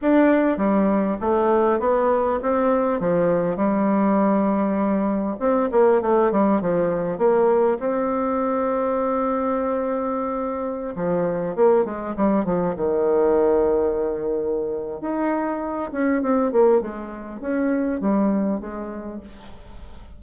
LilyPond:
\new Staff \with { instrumentName = "bassoon" } { \time 4/4 \tempo 4 = 100 d'4 g4 a4 b4 | c'4 f4 g2~ | g4 c'8 ais8 a8 g8 f4 | ais4 c'2.~ |
c'2~ c'16 f4 ais8 gis16~ | gis16 g8 f8 dis2~ dis8.~ | dis4 dis'4. cis'8 c'8 ais8 | gis4 cis'4 g4 gis4 | }